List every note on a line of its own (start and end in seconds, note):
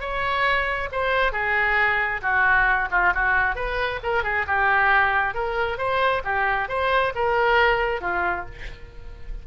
0.00 0.89 C#5
0.92 1.32 C5
1.32 2.21 G#4
2.22 2.88 F#4
2.91 3.13 F4
3.14 3.55 F#4
3.55 4.00 B4
4.03 4.23 A#4
4.23 4.45 G#4
4.47 5.34 G4
5.34 5.78 A#4
5.78 6.22 C5
6.24 6.68 G4
6.68 7.13 C5
7.15 8.01 A#4
8.01 8.45 F4